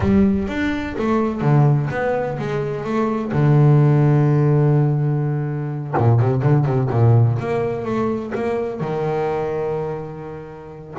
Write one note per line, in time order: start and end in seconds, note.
0.00 0.47 G3
0.47 0.95 D4
0.98 1.41 A3
1.41 1.88 D3
1.90 2.38 B3
2.38 2.84 G#3
2.84 3.31 A3
3.32 5.94 D3
5.97 6.19 A#2
6.19 6.42 C3
6.42 6.65 D3
6.65 6.89 C3
6.90 7.37 A#2
7.39 7.84 A#3
7.84 8.32 A3
8.34 8.80 A#3
8.80 10.94 D#3